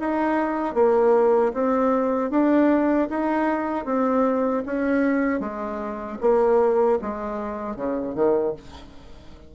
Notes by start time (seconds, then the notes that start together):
0.00 D#4
0.75 A#3
1.54 C4
2.31 D4
3.10 D#4
3.86 C4
4.66 C#4
5.40 G#3
6.21 A#3
7.02 G#3
7.76 C#3
8.15 D#3